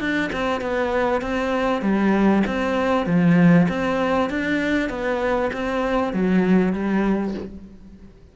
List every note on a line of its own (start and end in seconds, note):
0.00 0.31 D4
0.33 0.61 C4
0.61 1.22 B3
1.22 1.82 C4
1.82 2.43 G3
2.47 3.06 C4
3.06 3.67 F3
3.69 4.30 C4
4.30 4.90 D4
4.90 5.51 B3
5.53 6.13 C4
6.13 6.73 F#3
6.73 7.34 G3